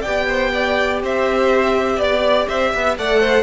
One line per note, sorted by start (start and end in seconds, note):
0.00 2.98 G4
0.00 0.24 D5
0.00 0.99 G5
0.07 1.03 B3
0.28 0.52 C5
0.54 1.02 D5
1.03 1.97 C4
1.03 1.96 C5
1.03 2.00 E5
1.96 2.46 B3
1.96 2.45 D5
1.96 2.48 D5
2.48 2.74 C4
2.48 2.71 C5
2.48 2.97 E5
2.71 2.97 B3
2.71 2.95 E5
2.97 3.43 A3
2.97 3.43 A4
2.97 3.20 D5
2.97 3.43 F#5
3.20 3.43 C5